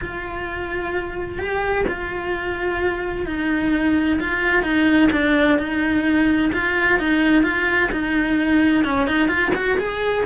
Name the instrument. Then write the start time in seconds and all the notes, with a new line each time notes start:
cello
0.01 F4
1.38 G4
1.87 F4
3.26 D#4
4.20 F4
4.63 D#4
5.12 D4
5.58 D#4
6.53 F4
6.99 D#4
7.43 F4
7.91 D#4
8.84 C#4
9.07 D#4
9.28 F4
9.54 F#4
9.78 G#4